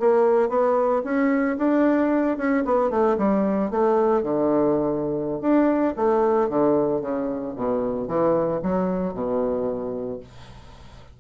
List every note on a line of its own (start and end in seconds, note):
0.00 0.49 A#3
0.49 1.02 B3
1.05 1.58 C#4
1.58 2.38 D4
2.38 2.64 C#4
2.65 2.91 B3
2.91 3.17 A3
3.18 3.71 G3
3.71 4.23 A3
4.23 5.42 D3
5.42 5.95 D4
5.96 6.49 A3
6.49 7.02 D3
7.02 7.55 C#3
7.56 8.08 B2
8.08 8.61 E3
8.63 9.14 F#3
9.14 10.20 B2